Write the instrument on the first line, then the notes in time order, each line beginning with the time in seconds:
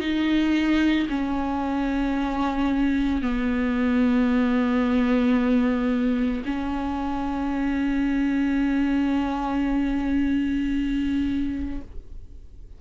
viola
0.00 D#4
1.09 C#4
3.21 B3
6.45 C#4